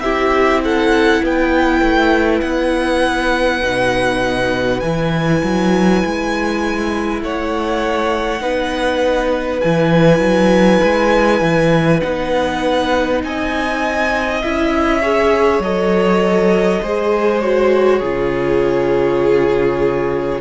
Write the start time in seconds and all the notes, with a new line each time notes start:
0.00 C4 E4 G4 E5
0.63 A4 F#5
1.23 B3 B4 G5
1.81 A3
2.41 B3 F#5
3.62 B2 D#4
4.79 E3 E4 G#5
5.43 F#3
6.05 G#3
7.21 A3 C#5 F#5
8.40 B3 D#4 B4
9.60 E3 E4 G#5
10.19 F#3
10.83 G#3
11.40 E3
12.00 B3 D#4 F#5
13.23 C4 D#5 G#5
14.42 C#4 E4 E5
15.01 G#4 C#5
15.59 F#3 A4 D#5
16.82 G#3 G#4 C5
17.41 F#4 C#5
17.98 C#3 F4 G#4